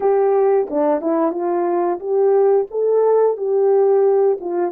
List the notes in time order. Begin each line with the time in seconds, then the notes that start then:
0.00 G4
0.70 D4
1.01 E4
1.31 F4
1.99 G4
2.71 A4
3.37 G4
4.40 F4